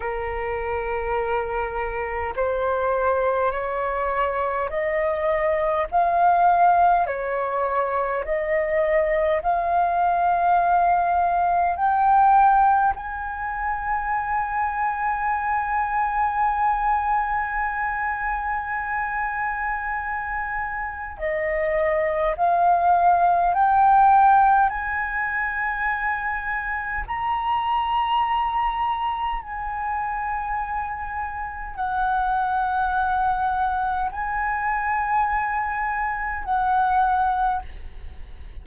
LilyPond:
\new Staff \with { instrumentName = "flute" } { \time 4/4 \tempo 4 = 51 ais'2 c''4 cis''4 | dis''4 f''4 cis''4 dis''4 | f''2 g''4 gis''4~ | gis''1~ |
gis''2 dis''4 f''4 | g''4 gis''2 ais''4~ | ais''4 gis''2 fis''4~ | fis''4 gis''2 fis''4 | }